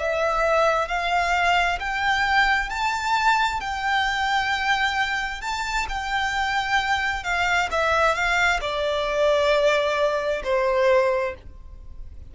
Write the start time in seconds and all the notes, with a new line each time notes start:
0.00 E5
0.88 F5
1.80 G5
2.70 A5
3.61 G5
5.41 A5
5.89 G5
7.24 F5
7.71 E5
8.15 F5
8.61 D5
10.44 C5